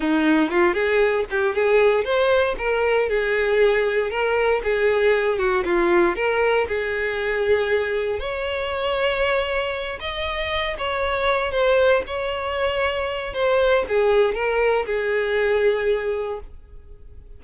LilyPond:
\new Staff \with { instrumentName = "violin" } { \time 4/4 \tempo 4 = 117 dis'4 f'8 gis'4 g'8 gis'4 | c''4 ais'4 gis'2 | ais'4 gis'4. fis'8 f'4 | ais'4 gis'2. |
cis''2.~ cis''8 dis''8~ | dis''4 cis''4. c''4 cis''8~ | cis''2 c''4 gis'4 | ais'4 gis'2. | }